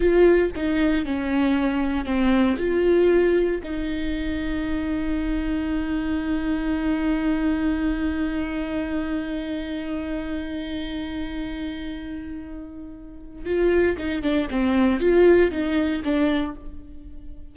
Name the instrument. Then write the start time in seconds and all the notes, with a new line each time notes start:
viola
0.00 F4
0.55 D#4
1.05 C#4
2.05 C4
2.58 F4
3.63 D#4
13.45 F4
13.97 D#4
14.22 D4
14.50 C4
15.00 F4
15.51 D#4
16.03 D4